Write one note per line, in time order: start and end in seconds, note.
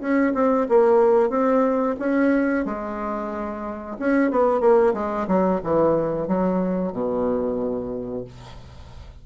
0.00 0.33 C#4
0.34 0.67 C4
0.68 1.29 A#3
1.29 1.95 C4
1.99 2.65 C#4
2.65 3.97 G#3
3.99 4.30 C#4
4.30 4.60 B3
4.60 4.93 A#3
4.93 5.26 G#3
5.27 5.60 F#3
5.63 6.27 E3
6.27 6.92 F#3
6.92 8.24 B2